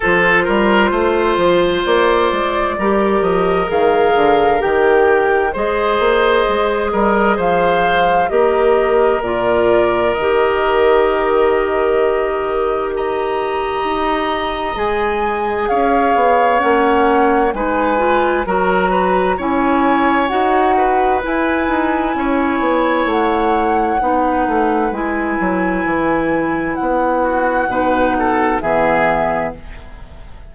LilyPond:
<<
  \new Staff \with { instrumentName = "flute" } { \time 4/4 \tempo 4 = 65 c''2 d''4. dis''8 | f''4 g''4 dis''2 | f''4 dis''4 d''4 dis''4~ | dis''2 ais''2 |
gis''4 f''4 fis''4 gis''4 | ais''4 gis''4 fis''4 gis''4~ | gis''4 fis''2 gis''4~ | gis''4 fis''2 e''4 | }
  \new Staff \with { instrumentName = "oboe" } { \time 4/4 a'8 ais'8 c''2 ais'4~ | ais'2 c''4. ais'8 | c''4 ais'2.~ | ais'2 dis''2~ |
dis''4 cis''2 b'4 | ais'8 b'8 cis''4. b'4. | cis''2 b'2~ | b'4. fis'8 b'8 a'8 gis'4 | }
  \new Staff \with { instrumentName = "clarinet" } { \time 4/4 f'2. g'4 | gis'4 g'4 gis'2~ | gis'4 g'4 f'4 g'4~ | g'1 |
gis'2 cis'4 dis'8 f'8 | fis'4 e'4 fis'4 e'4~ | e'2 dis'4 e'4~ | e'2 dis'4 b4 | }
  \new Staff \with { instrumentName = "bassoon" } { \time 4/4 f8 g8 a8 f8 ais8 gis8 g8 f8 | dis8 d8 dis4 gis8 ais8 gis8 g8 | f4 ais4 ais,4 dis4~ | dis2. dis'4 |
gis4 cis'8 b8 ais4 gis4 | fis4 cis'4 dis'4 e'8 dis'8 | cis'8 b8 a4 b8 a8 gis8 fis8 | e4 b4 b,4 e4 | }
>>